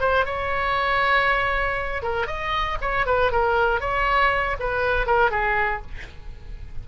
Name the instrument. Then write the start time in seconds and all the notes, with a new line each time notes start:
oboe
0.00 C5
0.25 C#5
2.02 A#4
2.27 D#5
2.82 C#5
3.06 B4
3.32 A#4
3.80 C#5
4.60 B4
5.07 A#4
5.31 G#4